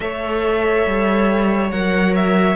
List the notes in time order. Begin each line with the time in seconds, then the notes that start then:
0.00 A3 A4 C#5 E5
0.86 G3
1.71 F#3 A#4 F#5
2.15 E5